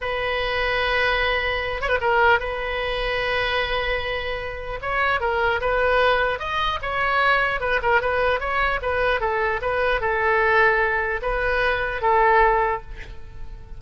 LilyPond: \new Staff \with { instrumentName = "oboe" } { \time 4/4 \tempo 4 = 150 b'1~ | b'8 cis''16 b'16 ais'4 b'2~ | b'1 | cis''4 ais'4 b'2 |
dis''4 cis''2 b'8 ais'8 | b'4 cis''4 b'4 a'4 | b'4 a'2. | b'2 a'2 | }